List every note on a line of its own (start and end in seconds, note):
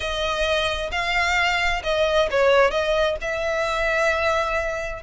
0.00 0.90 D#5
0.91 1.82 F5
1.83 2.29 D#5
2.30 2.70 C#5
2.70 3.16 D#5
3.21 5.02 E5